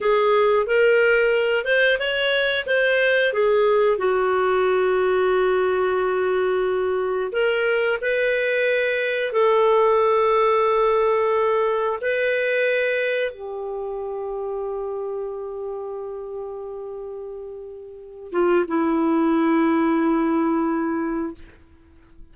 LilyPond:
\new Staff \with { instrumentName = "clarinet" } { \time 4/4 \tempo 4 = 90 gis'4 ais'4. c''8 cis''4 | c''4 gis'4 fis'2~ | fis'2. ais'4 | b'2 a'2~ |
a'2 b'2 | g'1~ | g'2.~ g'8 f'8 | e'1 | }